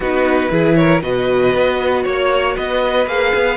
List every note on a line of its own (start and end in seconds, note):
0.00 0.48 B3
0.00 0.50 D#4
0.00 0.50 F#4
0.00 0.75 B4
0.50 1.02 E3
0.50 1.01 E4
0.50 0.77 G#4
0.75 1.02 A#4
0.75 1.01 C#5
1.01 1.54 B2
1.01 3.07 F#4
1.01 2.03 B4
1.01 2.04 D#5
1.54 2.05 B3
2.03 2.56 A#3
2.03 2.54 C#5
2.03 2.56 C#5
2.54 3.07 B3
2.54 3.57 B4
2.54 3.07 D#5
3.07 3.32 A#3
3.07 3.57 G#4
3.07 3.57 F5
3.34 3.57 B3